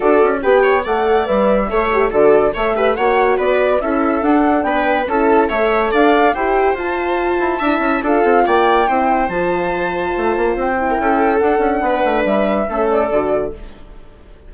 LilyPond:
<<
  \new Staff \with { instrumentName = "flute" } { \time 4/4 \tempo 4 = 142 d''4 g''4 fis''4 e''4~ | e''4 d''4 e''4 fis''4 | d''4 e''4 fis''4 g''4 | a''4 e''4 f''4 g''4 |
a''2. f''4 | g''2 a''2~ | a''4 g''2 fis''4~ | fis''4 e''4. d''4. | }
  \new Staff \with { instrumentName = "viola" } { \time 4/4 a'4 b'8 cis''8 d''2 | cis''4 a'4 cis''8 b'8 cis''4 | b'4 a'2 b'4 | a'4 cis''4 d''4 c''4~ |
c''2 e''4 a'4 | d''4 c''2.~ | c''4.~ c''16 ais'16 a'2 | b'2 a'2 | }
  \new Staff \with { instrumentName = "horn" } { \time 4/4 fis'4 g'4 a'4 b'4 | a'8 g'8 fis'4 a'8 g'8 fis'4~ | fis'4 e'4 d'2 | e'4 a'2 g'4 |
f'2 e'4 f'4~ | f'4 e'4 f'2~ | f'4. e'4. d'4~ | d'2 cis'4 fis'4 | }
  \new Staff \with { instrumentName = "bassoon" } { \time 4/4 d'8 cis'8 b4 a4 g4 | a4 d4 a4 ais4 | b4 cis'4 d'4 b4 | cis'4 a4 d'4 e'4 |
f'4. e'8 d'8 cis'8 d'8 c'8 | ais4 c'4 f2 | a8 ais8 c'4 cis'4 d'8 cis'8 | b8 a8 g4 a4 d4 | }
>>